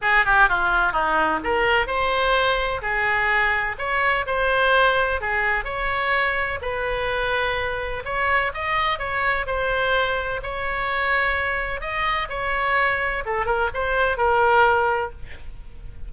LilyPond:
\new Staff \with { instrumentName = "oboe" } { \time 4/4 \tempo 4 = 127 gis'8 g'8 f'4 dis'4 ais'4 | c''2 gis'2 | cis''4 c''2 gis'4 | cis''2 b'2~ |
b'4 cis''4 dis''4 cis''4 | c''2 cis''2~ | cis''4 dis''4 cis''2 | a'8 ais'8 c''4 ais'2 | }